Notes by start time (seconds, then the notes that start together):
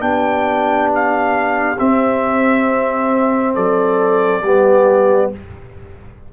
0.00 B3 D4 G4 G5
0.95 F5
1.78 C4 E5
3.54 F#3 A4 D5
4.42 G3 B3 G4